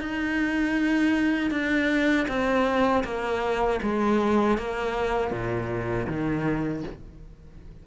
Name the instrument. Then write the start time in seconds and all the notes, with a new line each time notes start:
cello
0.00 D#4
1.51 D4
2.28 C4
3.04 A#3
3.83 G#3
4.58 A#3
5.31 A#2
6.07 D#3